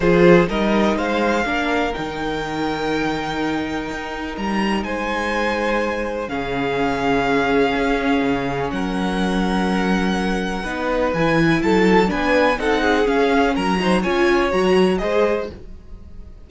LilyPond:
<<
  \new Staff \with { instrumentName = "violin" } { \time 4/4 \tempo 4 = 124 c''4 dis''4 f''2 | g''1~ | g''4 ais''4 gis''2~ | gis''4 f''2.~ |
f''2 fis''2~ | fis''2. gis''4 | a''4 gis''4 fis''4 f''4 | ais''4 gis''4 ais''4 dis''4 | }
  \new Staff \with { instrumentName = "violin" } { \time 4/4 gis'4 ais'4 c''4 ais'4~ | ais'1~ | ais'2 c''2~ | c''4 gis'2.~ |
gis'2 ais'2~ | ais'2 b'2 | a'4 b'4 a'8 gis'4. | ais'8 c''8 cis''2 c''4 | }
  \new Staff \with { instrumentName = "viola" } { \time 4/4 f'4 dis'2 d'4 | dis'1~ | dis'1~ | dis'4 cis'2.~ |
cis'1~ | cis'2 dis'4 e'4~ | e'4 d'4 dis'4 cis'4~ | cis'8 dis'8 f'4 fis'4 gis'4 | }
  \new Staff \with { instrumentName = "cello" } { \time 4/4 f4 g4 gis4 ais4 | dis1 | dis'4 g4 gis2~ | gis4 cis2. |
cis'4 cis4 fis2~ | fis2 b4 e4 | fis4 b4 c'4 cis'4 | fis4 cis'4 fis4 gis4 | }
>>